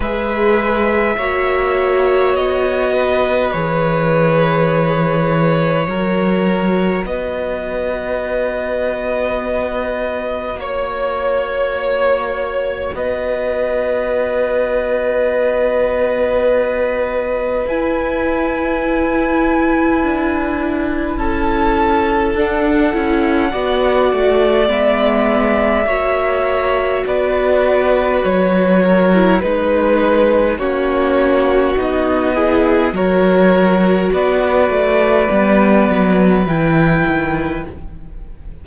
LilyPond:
<<
  \new Staff \with { instrumentName = "violin" } { \time 4/4 \tempo 4 = 51 e''2 dis''4 cis''4~ | cis''2 dis''2~ | dis''4 cis''2 dis''4~ | dis''2. gis''4~ |
gis''2 a''4 fis''4~ | fis''4 e''2 d''4 | cis''4 b'4 cis''4 dis''4 | cis''4 d''2 g''4 | }
  \new Staff \with { instrumentName = "violin" } { \time 4/4 b'4 cis''4. b'4.~ | b'4 ais'4 b'2~ | b'4 cis''2 b'4~ | b'1~ |
b'2 a'2 | d''2 cis''4 b'4~ | b'8 ais'8 b'4 fis'4. gis'8 | ais'4 b'2. | }
  \new Staff \with { instrumentName = "viola" } { \time 4/4 gis'4 fis'2 gis'4~ | gis'4 fis'2.~ | fis'1~ | fis'2. e'4~ |
e'2. d'8 e'8 | fis'4 b4 fis'2~ | fis'8. e'16 dis'4 cis'4 dis'8 e'8 | fis'2 b4 e'4 | }
  \new Staff \with { instrumentName = "cello" } { \time 4/4 gis4 ais4 b4 e4~ | e4 fis4 b2~ | b4 ais2 b4~ | b2. e'4~ |
e'4 d'4 cis'4 d'8 cis'8 | b8 a8 gis4 ais4 b4 | fis4 gis4 ais4 b4 | fis4 b8 a8 g8 fis8 e8 dis8 | }
>>